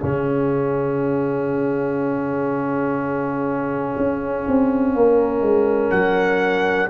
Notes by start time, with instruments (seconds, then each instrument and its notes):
0.00 tuba C#3, trombone C#4, horn G#4, trumpet F5
3.97 tuba C#4
4.48 tuba C4
4.95 tuba A#3, horn A#4
5.41 tuba G#3
5.90 tuba F#3, trumpet F#5